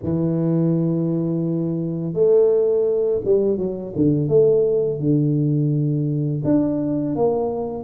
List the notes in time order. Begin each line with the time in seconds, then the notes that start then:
0.03 E3
2.13 A3
3.24 G3
3.57 F#3
3.95 D3
4.28 A3
4.99 D3
6.44 D4
7.15 A#3